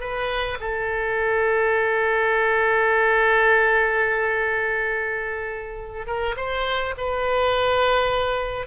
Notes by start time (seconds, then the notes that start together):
0.00 B4
0.60 A4
6.07 A#4
6.37 C5
6.97 B4